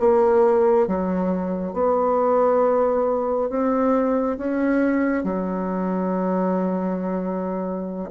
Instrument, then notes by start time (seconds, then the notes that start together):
bassoon
0.00 A#3
0.87 F#3
1.73 B3
3.50 C4
4.38 C#4
5.24 F#3